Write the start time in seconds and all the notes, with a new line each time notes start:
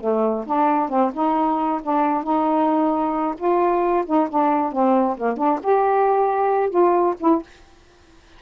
0.00 A3
0.46 D4
0.89 C4
1.13 D#4
1.82 D4
2.23 D#4
3.37 F4
4.06 D#4
4.29 D4
4.72 C4
5.17 A#3
5.37 D4
5.63 G4
6.70 F4
7.20 E4